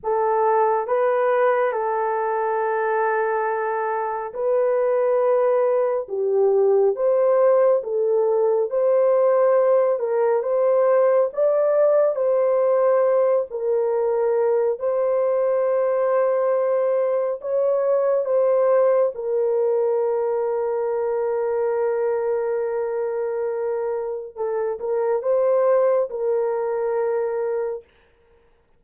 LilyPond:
\new Staff \with { instrumentName = "horn" } { \time 4/4 \tempo 4 = 69 a'4 b'4 a'2~ | a'4 b'2 g'4 | c''4 a'4 c''4. ais'8 | c''4 d''4 c''4. ais'8~ |
ais'4 c''2. | cis''4 c''4 ais'2~ | ais'1 | a'8 ais'8 c''4 ais'2 | }